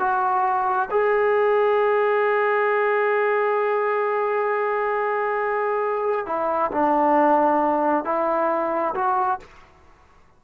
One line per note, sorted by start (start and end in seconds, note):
0.00 0.90 F#4
0.91 6.26 G#4
6.26 6.71 E4
6.72 8.05 D4
8.05 8.95 E4
8.95 9.40 F#4